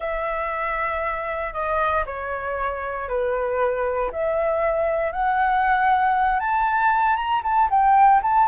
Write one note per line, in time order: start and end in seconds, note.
0.00 1.53 E5
1.53 2.04 D#5
2.06 3.08 C#5
3.08 4.10 B4
4.12 5.12 E5
5.12 6.39 F#5
6.39 7.15 A5
7.15 7.41 A#5
7.43 7.69 A5
7.69 8.21 G5
8.22 8.47 A5